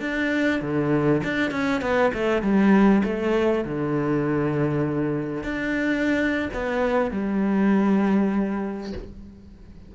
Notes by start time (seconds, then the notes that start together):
0.00 D4
0.61 D3
1.24 D4
1.51 C#4
1.82 B3
2.13 A3
2.42 G3
3.04 A3
3.64 D3
5.43 D4
6.53 B3
7.11 G3